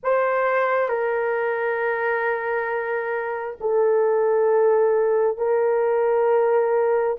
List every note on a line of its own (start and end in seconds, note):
0.02 0.88 C5
0.88 3.57 A#4
3.60 5.37 A4
5.37 7.16 A#4